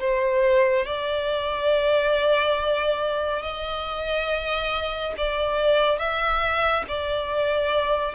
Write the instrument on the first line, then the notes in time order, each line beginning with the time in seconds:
violin
0.00 C5
0.86 D5
3.42 D#5
5.17 D5
5.99 E5
6.88 D5